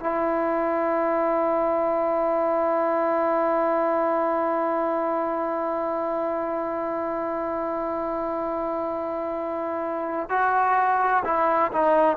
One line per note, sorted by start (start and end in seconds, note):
0.00 10.29 E4
10.29 11.23 F#4
11.24 11.71 E4
11.72 12.17 D#4